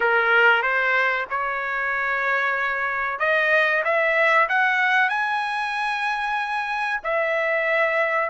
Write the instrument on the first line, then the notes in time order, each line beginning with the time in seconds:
trumpet
0.00 A#4
0.62 C5
1.30 C#5
3.19 D#5
3.84 E5
4.48 F#5
5.09 G#5
7.03 E5